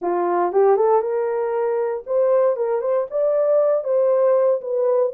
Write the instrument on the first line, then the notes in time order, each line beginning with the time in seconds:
horn
0.01 F4
0.52 G4
0.76 A4
1.01 A#4
2.06 C5
2.56 A#4
2.81 C5
3.10 D5
3.83 C5
4.61 B4